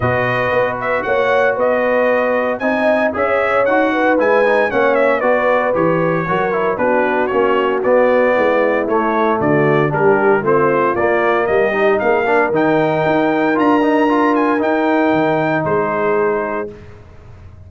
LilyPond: <<
  \new Staff \with { instrumentName = "trumpet" } { \time 4/4 \tempo 4 = 115 dis''4. e''8 fis''4 dis''4~ | dis''4 gis''4 e''4 fis''4 | gis''4 fis''8 e''8 d''4 cis''4~ | cis''4 b'4 cis''4 d''4~ |
d''4 cis''4 d''4 ais'4 | c''4 d''4 dis''4 f''4 | g''2 ais''4. gis''8 | g''2 c''2 | }
  \new Staff \with { instrumentName = "horn" } { \time 4/4 b'2 cis''4 b'4~ | b'4 dis''4 cis''4. b'8~ | b'4 cis''4 b'2 | ais'4 fis'2. |
e'2 fis'4 g'4 | f'2 g'4 gis'8 ais'8~ | ais'1~ | ais'2 gis'2 | }
  \new Staff \with { instrumentName = "trombone" } { \time 4/4 fis'1~ | fis'4 dis'4 gis'4 fis'4 | e'8 dis'8 cis'4 fis'4 g'4 | fis'8 e'8 d'4 cis'4 b4~ |
b4 a2 d'4 | c'4 ais4. dis'4 d'8 | dis'2 f'8 dis'8 f'4 | dis'1 | }
  \new Staff \with { instrumentName = "tuba" } { \time 4/4 b,4 b4 ais4 b4~ | b4 c'4 cis'4 dis'4 | gis4 ais4 b4 e4 | fis4 b4 ais4 b4 |
gis4 a4 d4 g4 | a4 ais4 g4 ais4 | dis4 dis'4 d'2 | dis'4 dis4 gis2 | }
>>